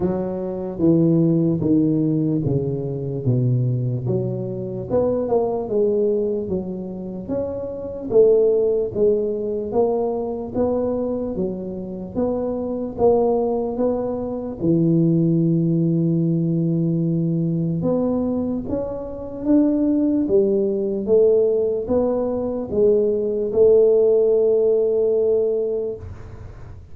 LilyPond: \new Staff \with { instrumentName = "tuba" } { \time 4/4 \tempo 4 = 74 fis4 e4 dis4 cis4 | b,4 fis4 b8 ais8 gis4 | fis4 cis'4 a4 gis4 | ais4 b4 fis4 b4 |
ais4 b4 e2~ | e2 b4 cis'4 | d'4 g4 a4 b4 | gis4 a2. | }